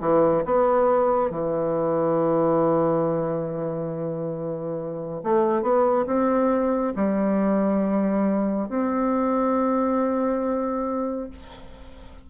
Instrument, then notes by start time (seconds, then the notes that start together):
bassoon
0.00 E3
0.45 B3
1.30 E3
5.23 A3
5.62 B3
6.06 C4
6.95 G3
8.69 C4